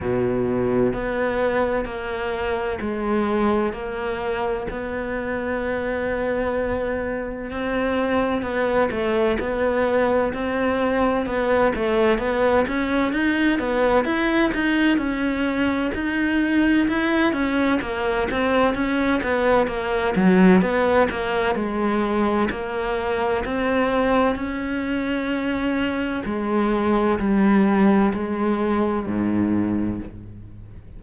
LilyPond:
\new Staff \with { instrumentName = "cello" } { \time 4/4 \tempo 4 = 64 b,4 b4 ais4 gis4 | ais4 b2. | c'4 b8 a8 b4 c'4 | b8 a8 b8 cis'8 dis'8 b8 e'8 dis'8 |
cis'4 dis'4 e'8 cis'8 ais8 c'8 | cis'8 b8 ais8 fis8 b8 ais8 gis4 | ais4 c'4 cis'2 | gis4 g4 gis4 gis,4 | }